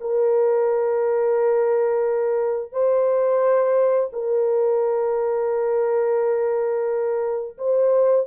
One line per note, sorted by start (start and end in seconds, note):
0.00 2.72 A#4
2.72 4.10 C5
4.12 7.57 A#4
7.57 8.26 C5